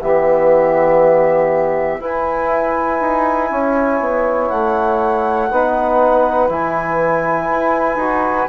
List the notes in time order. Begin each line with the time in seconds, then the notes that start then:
0.00 E3 B3 G4 E5
1.99 E4 B4 G#5
3.01 D#4
3.50 C#4 C#5
4.00 B3
4.49 A3 F#5
5.50 B3 D#4 B4
6.49 E3 E4 G#5
7.50 E4
7.96 D#4 F#4